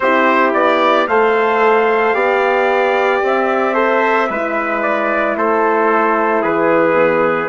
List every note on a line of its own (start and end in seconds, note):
0.00 0.52 C4
0.00 1.08 E4
0.00 1.08 G4
0.00 0.51 C5
0.53 1.06 B3
0.53 1.07 D5
1.07 2.14 A3
1.07 2.14 A4
1.07 2.15 C5
1.07 3.21 F5
2.14 3.21 B3
2.14 3.74 G4
2.14 3.73 D5
3.22 4.29 C4
3.22 4.82 E5
3.73 4.27 A4
3.73 4.27 C5
4.29 5.36 G#3
4.29 6.94 E4
4.29 5.36 B4
4.82 5.35 D5
5.36 6.43 A3
5.36 6.42 A4
5.36 6.43 C5
6.42 7.48 E3
6.42 7.48 G#4
6.42 7.48 B4
6.94 7.48 B3